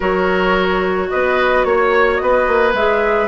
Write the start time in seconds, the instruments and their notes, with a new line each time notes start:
0.00 bassoon F#3, clarinet F#4, oboe A#4, flute C#5
1.10 bassoon B3, oboe B4, flute D#5
1.64 bassoon A#3, flute C#5, oboe C#5
2.17 bassoon B3, oboe B4, flute D#5
2.47 bassoon A#3
2.73 bassoon G#3, clarinet G#4, flute E5